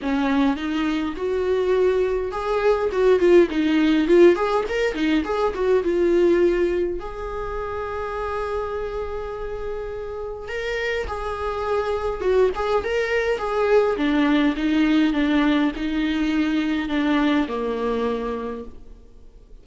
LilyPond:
\new Staff \with { instrumentName = "viola" } { \time 4/4 \tempo 4 = 103 cis'4 dis'4 fis'2 | gis'4 fis'8 f'8 dis'4 f'8 gis'8 | ais'8 dis'8 gis'8 fis'8 f'2 | gis'1~ |
gis'2 ais'4 gis'4~ | gis'4 fis'8 gis'8 ais'4 gis'4 | d'4 dis'4 d'4 dis'4~ | dis'4 d'4 ais2 | }